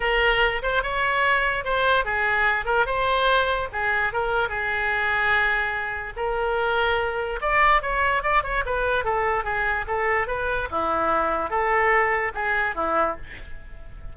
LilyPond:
\new Staff \with { instrumentName = "oboe" } { \time 4/4 \tempo 4 = 146 ais'4. c''8 cis''2 | c''4 gis'4. ais'8 c''4~ | c''4 gis'4 ais'4 gis'4~ | gis'2. ais'4~ |
ais'2 d''4 cis''4 | d''8 cis''8 b'4 a'4 gis'4 | a'4 b'4 e'2 | a'2 gis'4 e'4 | }